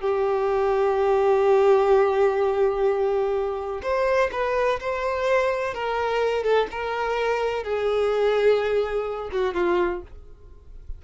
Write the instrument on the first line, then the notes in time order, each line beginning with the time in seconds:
violin
0.00 G4
3.82 C5
4.32 B4
4.80 C5
5.74 A#4
6.43 A4
6.71 A#4
7.63 G#4
9.32 F#4
9.54 F4